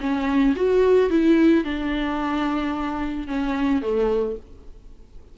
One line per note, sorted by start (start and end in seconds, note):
0.00 0.55 C#4
0.56 1.10 F#4
1.10 1.64 E4
1.64 3.27 D4
3.27 3.82 C#4
3.82 4.36 A3